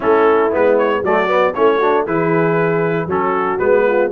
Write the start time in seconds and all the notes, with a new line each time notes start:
0.00 A3 C#4 E4 A4
0.50 G#3 B3 B4
0.78 C#5
1.02 F#3 A3 F#4 D5
1.27 B3
1.53 A3 C#4 E4 C#5
1.77 D4 F#4
2.05 E3 E4 G#4 B4
3.06 F#3 C#4 F#4 A4
3.59 G#3 B3 B4
3.86 F4